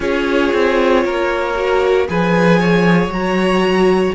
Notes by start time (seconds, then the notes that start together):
0.00 C#4 F4 G#4 C#5
0.53 C4
1.04 A#3 A#4
1.55 F#4
2.07 F3 G#4 B4 G#5
2.59 C#5
3.07 F#3 F#4 A#5